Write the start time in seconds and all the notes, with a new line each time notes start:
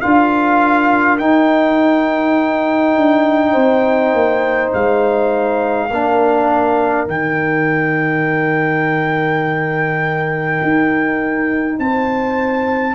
0.00 D4 F4 A#4 F5
1.18 D#4 G5
2.96 D4
3.51 C4 C5
4.13 A#3
4.73 G#3 F5
5.89 A#3 D4 A#4
7.06 D#3 D#4 G5
10.62 D#4
11.79 C4 C5 A5